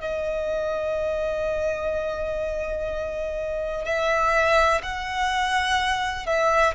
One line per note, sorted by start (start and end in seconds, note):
0.00 3.85 D#5
3.85 4.82 E5
4.82 6.26 F#5
6.26 6.74 E5